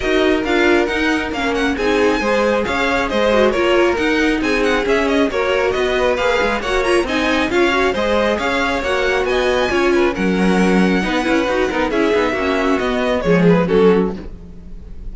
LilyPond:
<<
  \new Staff \with { instrumentName = "violin" } { \time 4/4 \tempo 4 = 136 dis''4 f''4 fis''4 f''8 fis''8 | gis''2 f''4 dis''4 | cis''4 fis''4 gis''8 fis''8 e''8 dis''8 | cis''4 dis''4 f''4 fis''8 ais''8 |
gis''4 f''4 dis''4 f''4 | fis''4 gis''2 fis''4~ | fis''2. e''4~ | e''4 dis''4 cis''8 b'8 a'4 | }
  \new Staff \with { instrumentName = "violin" } { \time 4/4 ais'1 | gis'4 c''4 cis''4 c''4 | ais'2 gis'2 | ais'4 b'2 cis''4 |
dis''4 cis''4 c''4 cis''4~ | cis''4 dis''4 cis''8 b'8 ais'4~ | ais'4 b'4. ais'8 gis'4 | fis'2 gis'4 fis'4 | }
  \new Staff \with { instrumentName = "viola" } { \time 4/4 fis'4 f'4 dis'4 cis'4 | dis'4 gis'2~ gis'8 fis'8 | f'4 dis'2 cis'4 | fis'2 gis'4 fis'8 f'8 |
dis'4 f'8 fis'8 gis'2 | fis'2 f'4 cis'4~ | cis'4 dis'8 e'8 fis'8 dis'8 e'8 dis'8 | cis'4 b4 gis4 cis'4 | }
  \new Staff \with { instrumentName = "cello" } { \time 4/4 dis'4 d'4 dis'4 ais4 | c'4 gis4 cis'4 gis4 | ais4 dis'4 c'4 cis'4 | ais4 b4 ais8 gis8 ais4 |
c'4 cis'4 gis4 cis'4 | ais4 b4 cis'4 fis4~ | fis4 b8 cis'8 dis'8 b8 cis'8 b8 | ais4 b4 f4 fis4 | }
>>